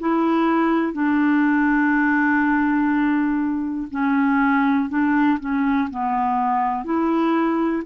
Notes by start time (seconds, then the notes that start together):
0.00 E4
0.93 D4
3.91 C#4
4.90 D4
5.40 C#4
5.90 B3
6.85 E4